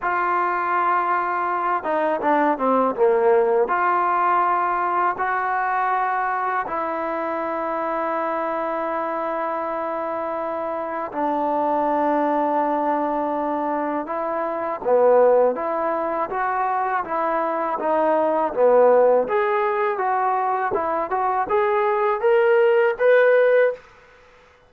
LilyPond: \new Staff \with { instrumentName = "trombone" } { \time 4/4 \tempo 4 = 81 f'2~ f'8 dis'8 d'8 c'8 | ais4 f'2 fis'4~ | fis'4 e'2.~ | e'2. d'4~ |
d'2. e'4 | b4 e'4 fis'4 e'4 | dis'4 b4 gis'4 fis'4 | e'8 fis'8 gis'4 ais'4 b'4 | }